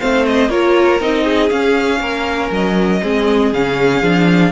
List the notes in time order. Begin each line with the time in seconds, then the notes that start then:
0.00 A3 C4 C5 F5
0.26 D#5
0.50 A#3 F4 A#4 C#5
1.00 C4 D#4 D#5
1.25 G#4
1.50 C#4 F5
2.00 A#3 A#4
2.51 F#3 D#5
3.03 G#3 C4 G#4
3.53 C#3 C#4 F5
4.02 F3 D4